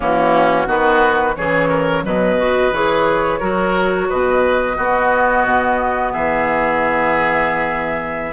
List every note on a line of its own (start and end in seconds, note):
0.00 0.66 E3
0.00 0.66 A#3
0.00 0.67 C#4
0.00 0.70 F#4
0.66 1.35 D#3
0.66 1.34 B3
0.66 1.35 F#4
0.66 1.35 B4
1.35 2.05 C#3
1.35 2.03 E3
1.35 1.69 G#4
1.35 2.03 C#5
1.69 2.03 A#4
2.03 2.72 B2
2.03 2.37 F#3
2.03 3.39 B4
2.03 2.74 D#5
2.37 2.71 F#4
2.72 3.40 E3
2.72 3.40 G#4
2.72 4.09 C#5
3.39 4.09 F#3
3.39 4.76 F#4
3.39 4.07 A#4
4.09 4.77 B2
4.09 4.76 B4
4.09 6.12 D#5
4.76 5.45 B3
4.76 8.32 B3
4.76 6.12 F#4
5.45 6.13 B2
6.12 8.32 E3
6.12 8.32 G#4
6.12 8.32 E5